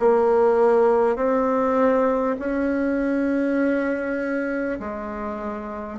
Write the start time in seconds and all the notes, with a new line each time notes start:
0.00 A#3
1.16 C4
2.40 C#4
4.80 G#3